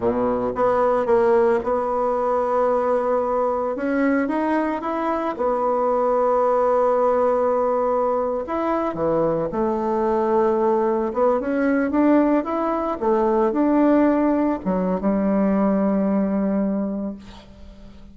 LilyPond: \new Staff \with { instrumentName = "bassoon" } { \time 4/4 \tempo 4 = 112 b,4 b4 ais4 b4~ | b2. cis'4 | dis'4 e'4 b2~ | b2.~ b8. e'16~ |
e'8. e4 a2~ a16~ | a8. b8 cis'4 d'4 e'8.~ | e'16 a4 d'2 fis8. | g1 | }